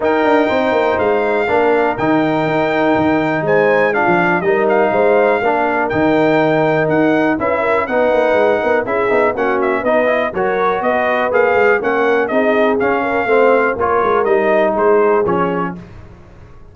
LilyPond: <<
  \new Staff \with { instrumentName = "trumpet" } { \time 4/4 \tempo 4 = 122 g''2 f''2 | g''2. gis''4 | f''4 dis''8 f''2~ f''8 | g''2 fis''4 e''4 |
fis''2 e''4 fis''8 e''8 | dis''4 cis''4 dis''4 f''4 | fis''4 dis''4 f''2 | cis''4 dis''4 c''4 cis''4 | }
  \new Staff \with { instrumentName = "horn" } { \time 4/4 ais'4 c''2 ais'4~ | ais'2. c''4 | f'4 ais'4 c''4 ais'4~ | ais'2. b'8 ais'8 |
b'4. ais'8 gis'4 fis'4 | b'4 ais'4 b'2 | ais'4 gis'4. ais'8 c''4 | ais'2 gis'2 | }
  \new Staff \with { instrumentName = "trombone" } { \time 4/4 dis'2. d'4 | dis'1 | d'4 dis'2 d'4 | dis'2. e'4 |
dis'2 e'8 dis'8 cis'4 | dis'8 e'8 fis'2 gis'4 | cis'4 dis'4 cis'4 c'4 | f'4 dis'2 cis'4 | }
  \new Staff \with { instrumentName = "tuba" } { \time 4/4 dis'8 d'8 c'8 ais8 gis4 ais4 | dis4 dis'4 dis4 gis4~ | gis16 f8. g4 gis4 ais4 | dis2 dis'4 cis'4 |
b8 ais8 gis8 b8 cis'8 b8 ais4 | b4 fis4 b4 ais8 gis8 | ais4 c'4 cis'4 a4 | ais8 gis8 g4 gis4 f4 | }
>>